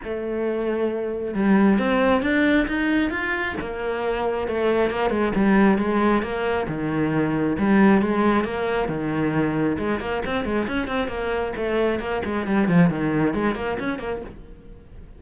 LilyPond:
\new Staff \with { instrumentName = "cello" } { \time 4/4 \tempo 4 = 135 a2. g4 | c'4 d'4 dis'4 f'4 | ais2 a4 ais8 gis8 | g4 gis4 ais4 dis4~ |
dis4 g4 gis4 ais4 | dis2 gis8 ais8 c'8 gis8 | cis'8 c'8 ais4 a4 ais8 gis8 | g8 f8 dis4 gis8 ais8 cis'8 ais8 | }